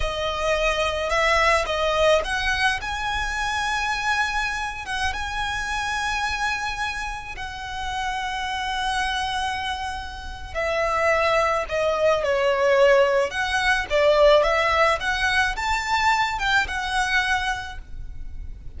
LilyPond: \new Staff \with { instrumentName = "violin" } { \time 4/4 \tempo 4 = 108 dis''2 e''4 dis''4 | fis''4 gis''2.~ | gis''8. fis''8 gis''2~ gis''8.~ | gis''4~ gis''16 fis''2~ fis''8.~ |
fis''2. e''4~ | e''4 dis''4 cis''2 | fis''4 d''4 e''4 fis''4 | a''4. g''8 fis''2 | }